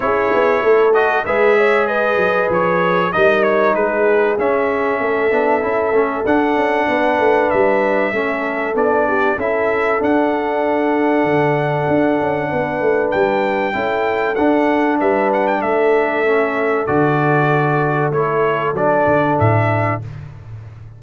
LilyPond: <<
  \new Staff \with { instrumentName = "trumpet" } { \time 4/4 \tempo 4 = 96 cis''4. dis''8 e''4 dis''4 | cis''4 dis''8 cis''8 b'4 e''4~ | e''2 fis''2 | e''2 d''4 e''4 |
fis''1~ | fis''4 g''2 fis''4 | e''8 fis''16 g''16 e''2 d''4~ | d''4 cis''4 d''4 e''4 | }
  \new Staff \with { instrumentName = "horn" } { \time 4/4 gis'4 a'4 b'8 cis''8 b'4~ | b'4 ais'4 gis'2 | a'2. b'4~ | b'4 a'4. g'8 a'4~ |
a'1 | b'2 a'2 | b'4 a'2.~ | a'1 | }
  \new Staff \with { instrumentName = "trombone" } { \time 4/4 e'4. fis'8 gis'2~ | gis'4 dis'2 cis'4~ | cis'8 d'8 e'8 cis'8 d'2~ | d'4 cis'4 d'4 e'4 |
d'1~ | d'2 e'4 d'4~ | d'2 cis'4 fis'4~ | fis'4 e'4 d'2 | }
  \new Staff \with { instrumentName = "tuba" } { \time 4/4 cis'8 b8 a4 gis4. fis8 | f4 g4 gis4 cis'4 | a8 b8 cis'8 a8 d'8 cis'8 b8 a8 | g4 a4 b4 cis'4 |
d'2 d4 d'8 cis'8 | b8 a8 g4 cis'4 d'4 | g4 a2 d4~ | d4 a4 fis8 d8 a,4 | }
>>